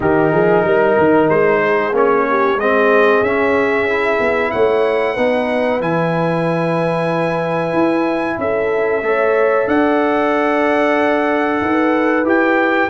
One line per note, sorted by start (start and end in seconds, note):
0.00 0.32 D#3
0.00 1.93 D#4
0.00 0.31 G4
0.00 1.29 A#4
0.31 0.64 F3
0.31 0.63 G#4
0.64 0.96 G3
0.64 1.61 A#4
0.98 1.29 D#3
1.29 1.92 G#3
1.29 1.94 C5
1.62 2.26 G#4
1.92 2.56 A#3
1.92 2.57 C#4
1.92 2.59 C#5
2.29 2.59 G4
2.56 3.20 G#3
2.56 3.25 C4
2.56 4.52 G#4
2.56 3.23 D#5
3.22 4.18 C#4
3.22 3.89 C#4
3.22 4.51 E5
3.89 5.17 E4
4.20 4.52 B3
4.51 5.17 A3
4.51 5.14 C#5
4.51 5.80 F#5
5.14 5.80 B3
5.14 5.80 D#4
5.14 8.36 B4
5.80 7.73 E3
5.80 9.03 E4
5.80 8.39 G#5
7.73 8.37 E4
8.37 9.02 C#4
8.37 9.05 A4
8.37 9.68 E5
9.02 9.66 A3
9.02 12.24 A4
9.02 9.68 C#5
9.67 11.60 D4
9.67 11.61 D5
9.67 12.26 F#5
11.61 12.24 D#4
11.61 12.89 B4
12.24 12.88 E4
12.24 12.89 G4
12.24 12.89 G5